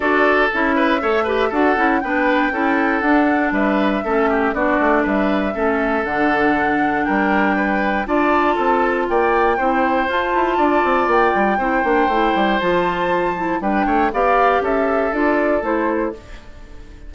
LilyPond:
<<
  \new Staff \with { instrumentName = "flute" } { \time 4/4 \tempo 4 = 119 d''4 e''2 fis''4 | g''2 fis''4 e''4~ | e''4 d''4 e''2 | fis''2 g''2 |
a''2 g''2 | a''2 g''2~ | g''4 a''2 g''4 | f''4 e''4 d''4 c''4 | }
  \new Staff \with { instrumentName = "oboe" } { \time 4/4 a'4. b'8 cis''8 b'8 a'4 | b'4 a'2 b'4 | a'8 g'8 fis'4 b'4 a'4~ | a'2 ais'4 b'4 |
d''4 a'4 d''4 c''4~ | c''4 d''2 c''4~ | c''2. b'8 cis''8 | d''4 a'2. | }
  \new Staff \with { instrumentName = "clarinet" } { \time 4/4 fis'4 e'4 a'8 g'8 fis'8 e'8 | d'4 e'4 d'2 | cis'4 d'2 cis'4 | d'1 |
f'2. e'4 | f'2. e'8 d'8 | e'4 f'4. e'8 d'4 | g'2 f'4 e'4 | }
  \new Staff \with { instrumentName = "bassoon" } { \time 4/4 d'4 cis'4 a4 d'8 cis'8 | b4 cis'4 d'4 g4 | a4 b8 a8 g4 a4 | d2 g2 |
d'4 c'4 ais4 c'4 | f'8 e'8 d'8 c'8 ais8 g8 c'8 ais8 | a8 g8 f2 g8 a8 | b4 cis'4 d'4 a4 | }
>>